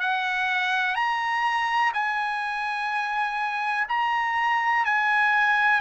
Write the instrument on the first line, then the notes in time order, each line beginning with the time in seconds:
trumpet
0.00 F#5
0.95 A#5
1.94 G#5
3.88 A#5
4.85 G#5